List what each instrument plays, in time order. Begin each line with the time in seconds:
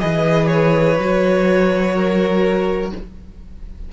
0.00 cello E3, viola G#4, violin B4 D#5
0.47 violin C#5
0.99 cello F#3, viola F#4
1.96 violin A#4